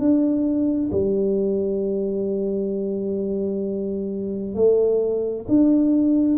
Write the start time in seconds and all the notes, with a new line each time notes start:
0.00 D4
0.93 G3
4.55 A3
5.49 D4